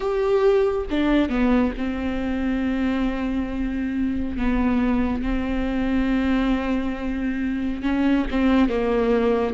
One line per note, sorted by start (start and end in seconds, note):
0.00 0.85 G4
0.90 1.29 D4
1.29 1.72 B3
1.77 4.36 C4
4.36 5.22 B3
5.22 7.82 C4
7.82 8.25 C#4
8.30 8.69 C4
8.69 9.54 A#3